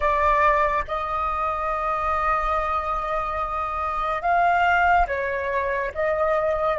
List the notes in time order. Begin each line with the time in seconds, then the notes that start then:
0.00 D5
0.87 D#5
4.22 F5
5.07 C#5
5.94 D#5